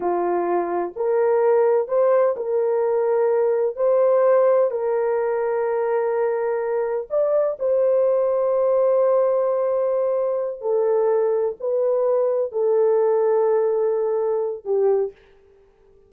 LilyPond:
\new Staff \with { instrumentName = "horn" } { \time 4/4 \tempo 4 = 127 f'2 ais'2 | c''4 ais'2. | c''2 ais'2~ | ais'2. d''4 |
c''1~ | c''2~ c''8 a'4.~ | a'8 b'2 a'4.~ | a'2. g'4 | }